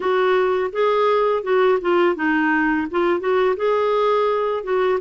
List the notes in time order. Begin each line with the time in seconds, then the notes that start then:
0.00 F#4
0.72 G#4
1.43 F#4
1.81 F4
2.15 D#4
2.91 F4
3.19 F#4
3.56 G#4
4.63 F#4